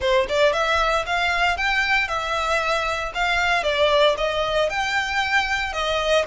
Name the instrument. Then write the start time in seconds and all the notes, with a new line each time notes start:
violin
0.00 C5
0.29 D5
0.52 E5
1.06 F5
1.57 G5
2.08 E5
3.14 F5
3.63 D5
4.17 D#5
4.69 G5
5.72 D#5